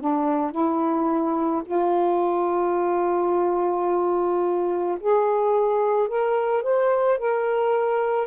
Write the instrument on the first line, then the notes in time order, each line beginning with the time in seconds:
saxophone
0.00 D4
0.52 E4
1.65 F4
5.00 G#4
6.08 A#4
6.63 C5
7.19 A#4